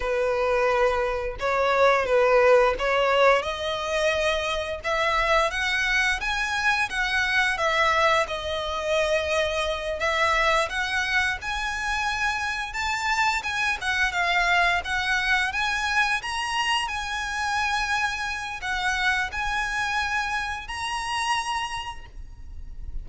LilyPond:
\new Staff \with { instrumentName = "violin" } { \time 4/4 \tempo 4 = 87 b'2 cis''4 b'4 | cis''4 dis''2 e''4 | fis''4 gis''4 fis''4 e''4 | dis''2~ dis''8 e''4 fis''8~ |
fis''8 gis''2 a''4 gis''8 | fis''8 f''4 fis''4 gis''4 ais''8~ | ais''8 gis''2~ gis''8 fis''4 | gis''2 ais''2 | }